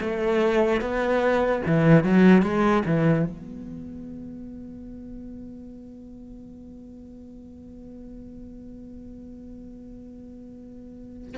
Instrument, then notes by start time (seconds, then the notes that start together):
cello
0.00 A3
0.81 B3
1.66 E3
2.03 F#3
2.42 G#3
2.85 E3
3.25 B3